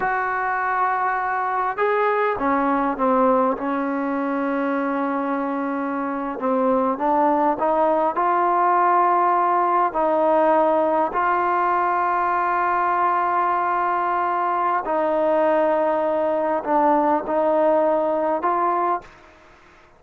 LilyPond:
\new Staff \with { instrumentName = "trombone" } { \time 4/4 \tempo 4 = 101 fis'2. gis'4 | cis'4 c'4 cis'2~ | cis'2~ cis'8. c'4 d'16~ | d'8. dis'4 f'2~ f'16~ |
f'8. dis'2 f'4~ f'16~ | f'1~ | f'4 dis'2. | d'4 dis'2 f'4 | }